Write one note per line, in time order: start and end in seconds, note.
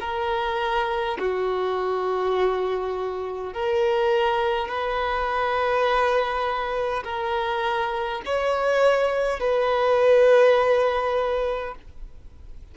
0.00 1.18 A#4
1.18 3.53 F#4
3.53 4.68 A#4
4.68 7.03 B4
7.04 8.21 A#4
8.25 9.40 C#5
9.40 11.75 B4